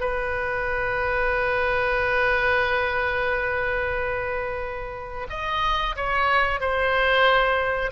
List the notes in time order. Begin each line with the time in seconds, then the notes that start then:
0.00 B4
5.30 D#5
5.96 C#5
6.61 C5